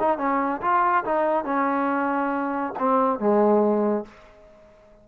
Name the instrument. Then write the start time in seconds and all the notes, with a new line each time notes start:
trombone
0.00 D#4
0.18 C#4
0.62 F4
1.05 D#4
1.45 C#4
2.79 C4
3.20 G#3